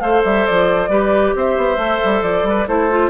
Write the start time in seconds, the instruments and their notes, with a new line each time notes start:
0.00 bassoon A3, clarinet A4, oboe C5, flute F5
0.24 bassoon G3, flute E5
0.46 bassoon F3, flute D5
0.88 bassoon G3, clarinet G4, oboe B4
1.35 bassoon C4, oboe C5, flute E5
1.57 bassoon B3
1.77 bassoon A3, clarinet A4
2.04 bassoon G3
2.22 bassoon F3, flute D5
2.43 bassoon G3, oboe B4
2.68 bassoon A3, clarinet E4, oboe A4, flute C5
2.90 clarinet F4